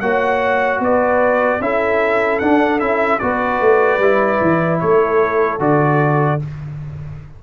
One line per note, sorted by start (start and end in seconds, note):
0.00 0.80 A#3
0.00 1.62 F#4
0.00 0.80 C#5
0.00 0.80 F#5
0.80 1.60 B3
0.80 1.60 B4
0.80 1.62 D5
1.60 2.40 C#4
1.60 2.42 E4
1.60 3.22 A4
1.60 2.39 E5
2.39 2.80 D4
2.39 2.79 F#5
2.79 3.20 C#4
2.79 3.20 E4
2.79 3.19 E5
3.19 3.61 B3
3.19 4.01 F#4
3.19 4.82 B4
3.19 4.79 D5
3.61 3.99 A3
3.99 4.39 G3
3.99 5.59 E4
4.41 4.81 E3
4.79 5.59 A3
4.79 6.43 A4
4.79 5.59 C#5
5.59 6.39 D3
5.59 6.39 F#4
5.59 6.41 D5